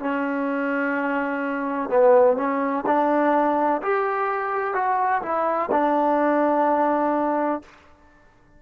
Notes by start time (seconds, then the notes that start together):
0.00 C#4
1.90 B3
2.37 C#4
2.87 D4
3.83 G4
4.75 F#4
5.23 E4
5.72 D4